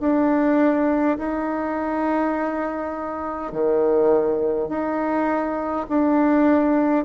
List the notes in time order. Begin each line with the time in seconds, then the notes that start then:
0.00 D4
1.18 D#4
3.52 D#3
4.68 D#4
5.89 D4